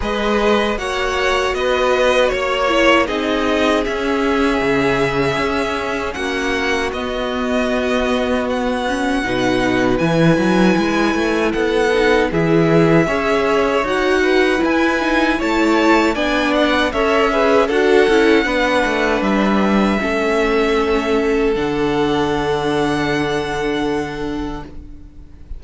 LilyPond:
<<
  \new Staff \with { instrumentName = "violin" } { \time 4/4 \tempo 4 = 78 dis''4 fis''4 dis''4 cis''4 | dis''4 e''2. | fis''4 dis''2 fis''4~ | fis''4 gis''2 fis''4 |
e''2 fis''4 gis''4 | a''4 gis''8 fis''8 e''4 fis''4~ | fis''4 e''2. | fis''1 | }
  \new Staff \with { instrumentName = "violin" } { \time 4/4 b'4 cis''4 b'4 cis''4 | gis'1 | fis'1 | b'2. a'4 |
gis'4 cis''4. b'4. | cis''4 d''4 cis''8 b'8 a'4 | b'2 a'2~ | a'1 | }
  \new Staff \with { instrumentName = "viola" } { \time 4/4 gis'4 fis'2~ fis'8 e'8 | dis'4 cis'2.~ | cis'4 b2~ b8 cis'8 | dis'4 e'2~ e'8 dis'8 |
e'4 gis'4 fis'4 e'8 dis'8 | e'4 d'4 a'8 gis'8 fis'8 e'8 | d'2 cis'2 | d'1 | }
  \new Staff \with { instrumentName = "cello" } { \time 4/4 gis4 ais4 b4 ais4 | c'4 cis'4 cis4 cis'4 | ais4 b2. | b,4 e8 fis8 gis8 a8 b4 |
e4 cis'4 dis'4 e'4 | a4 b4 cis'4 d'8 cis'8 | b8 a8 g4 a2 | d1 | }
>>